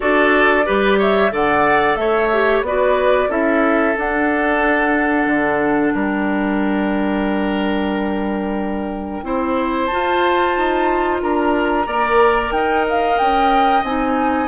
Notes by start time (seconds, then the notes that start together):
0.00 D4 F#4 A4 D5
0.65 G3 G4 B4
0.98 C#5 E5
1.30 D3 A4 D5 F#5
1.95 A3 C#5 E5
2.32 G4
2.61 B3 F#4 B4 D5
3.28 C#4 E4 A4 E5
3.97 D4 F#5
5.26 D3
5.94 G3 A#4 G5
9.23 C4 E4 C5
9.86 F4 A5
9.93 F4
10.57 D#4
11.22 D4 A#4 A#5
11.85 A#3 A#4 D5
12.51 D#4 D#5 G5
12.89 F5
13.17 C#4 G5
13.83 C4 D#4 G#5